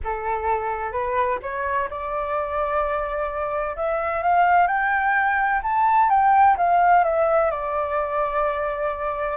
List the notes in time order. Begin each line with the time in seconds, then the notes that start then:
0.03 A4
0.92 B4
1.42 C#5
1.90 D5
3.76 E5
4.22 F5
4.67 G5
5.62 A5
6.09 G5
6.57 F5
7.03 E5
7.50 D5